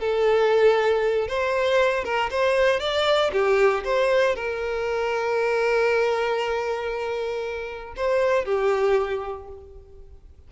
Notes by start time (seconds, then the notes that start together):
0.00 A4
1.28 C5
2.05 A#4
2.31 C5
2.80 D5
3.33 G4
3.85 C5
4.36 A#4
7.97 C5
8.45 G4